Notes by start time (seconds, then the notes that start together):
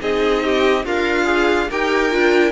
0.00 C4 D#4 G#4 D#5
0.44 G4
0.85 D4 F4 A#4 F5
1.24 G#4
1.69 D#4 G4 A#4 G5
2.10 D4 F4